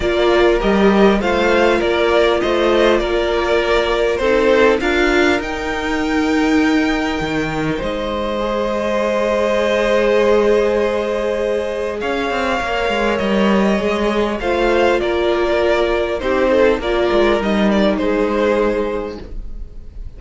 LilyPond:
<<
  \new Staff \with { instrumentName = "violin" } { \time 4/4 \tempo 4 = 100 d''4 dis''4 f''4 d''4 | dis''4 d''2 c''4 | f''4 g''2.~ | g''4 dis''2.~ |
dis''1 | f''2 dis''2 | f''4 d''2 c''4 | d''4 dis''8 d''8 c''2 | }
  \new Staff \with { instrumentName = "violin" } { \time 4/4 ais'2 c''4 ais'4 | c''4 ais'2 a'4 | ais'1~ | ais'4 c''2.~ |
c''1 | cis''1 | c''4 ais'2 g'8 a'8 | ais'2 gis'2 | }
  \new Staff \with { instrumentName = "viola" } { \time 4/4 f'4 g'4 f'2~ | f'2. dis'4 | f'4 dis'2.~ | dis'2 gis'2~ |
gis'1~ | gis'4 ais'2 gis'4 | f'2. dis'4 | f'4 dis'2. | }
  \new Staff \with { instrumentName = "cello" } { \time 4/4 ais4 g4 a4 ais4 | a4 ais2 c'4 | d'4 dis'2. | dis4 gis2.~ |
gis1 | cis'8 c'8 ais8 gis8 g4 gis4 | a4 ais2 c'4 | ais8 gis8 g4 gis2 | }
>>